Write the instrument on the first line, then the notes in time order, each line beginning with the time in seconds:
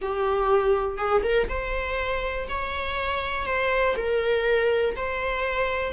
viola
0.01 G4
0.97 G#4
1.23 A#4
1.49 C5
2.48 C#5
3.46 C5
3.96 A#4
4.96 C5